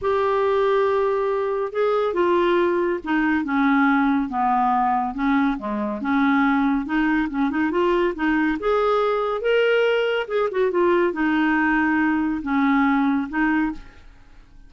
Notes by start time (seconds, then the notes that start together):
0.01 G4
1.72 G#4
2.13 F4
3.04 D#4
3.44 C#4
4.29 B3
5.14 C#4
5.58 G#3
6.01 C#4
6.85 D#4
7.29 C#4
7.50 D#4
7.71 F4
8.15 D#4
8.59 G#4
9.41 A#4
10.27 G#4
10.51 F#4
10.71 F4
11.13 D#4
12.42 C#4
13.29 D#4